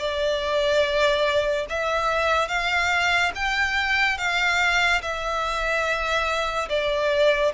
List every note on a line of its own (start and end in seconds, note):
0.00 1.67 D5
1.70 2.49 E5
2.49 3.32 F5
3.36 4.18 G5
4.18 5.02 F5
5.02 6.69 E5
6.69 7.53 D5